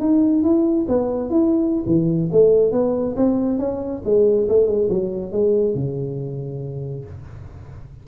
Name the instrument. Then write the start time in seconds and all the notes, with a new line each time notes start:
tuba
0.00 D#4
0.43 E4
0.89 B3
1.30 E4
1.86 E3
2.32 A3
2.72 B3
3.16 C4
3.59 C#4
4.05 G#3
4.49 A3
4.67 G#3
4.90 F#3
5.32 G#3
5.75 C#3